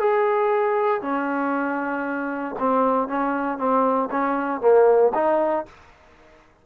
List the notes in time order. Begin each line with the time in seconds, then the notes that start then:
0.00 G#4
1.02 C#4
2.60 C4
3.09 C#4
3.58 C4
4.11 C#4
4.61 A#3
5.15 D#4